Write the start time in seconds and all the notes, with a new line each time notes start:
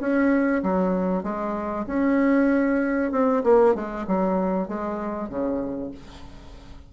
0.00 C#4
0.63 F#3
1.23 G#3
1.87 C#4
3.12 C4
3.44 A#3
3.75 G#3
4.07 F#3
4.68 G#3
5.29 C#3